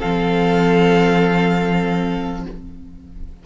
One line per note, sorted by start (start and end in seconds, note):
0.00 2.46 F3
0.00 2.46 C4
0.00 2.43 A4
0.00 2.44 F5